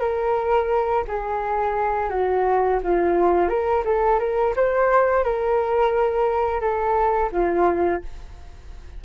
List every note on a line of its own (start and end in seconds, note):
0.00 1.05 A#4
1.08 2.10 G#4
2.10 2.79 F#4
2.83 3.49 F4
3.49 3.84 A#4
3.85 4.19 A4
4.19 4.54 A#4
4.56 5.24 C5
5.24 6.61 A#4
6.61 7.30 A4
7.32 8.02 F4